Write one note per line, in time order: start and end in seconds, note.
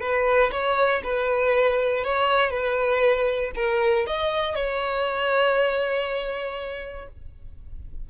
0.00 0.50 B4
0.51 1.02 C#5
1.03 2.04 B4
2.04 2.50 C#5
2.50 3.51 B4
3.55 4.05 A#4
4.06 4.55 D#5
4.55 7.07 C#5